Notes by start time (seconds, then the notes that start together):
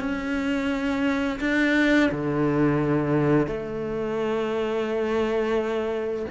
0.00 C#4
1.40 D4
2.12 D3
3.47 A3